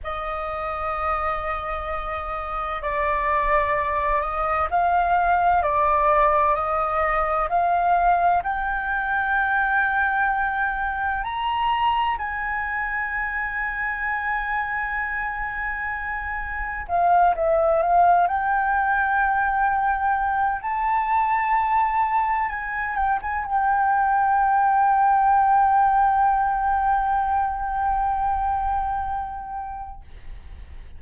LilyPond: \new Staff \with { instrumentName = "flute" } { \time 4/4 \tempo 4 = 64 dis''2. d''4~ | d''8 dis''8 f''4 d''4 dis''4 | f''4 g''2. | ais''4 gis''2.~ |
gis''2 f''8 e''8 f''8 g''8~ | g''2 a''2 | gis''8 g''16 gis''16 g''2.~ | g''1 | }